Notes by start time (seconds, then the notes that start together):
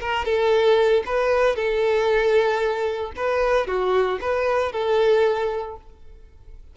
0.00 A#4
0.25 A4
1.05 B4
1.56 A4
3.16 B4
3.67 F#4
4.20 B4
4.72 A4